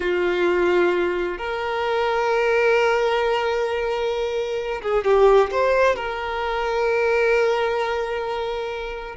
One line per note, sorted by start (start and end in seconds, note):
0.00 1.38 F4
1.38 4.81 A#4
4.82 5.04 G#4
5.04 5.50 G4
5.51 5.95 C5
5.95 9.16 A#4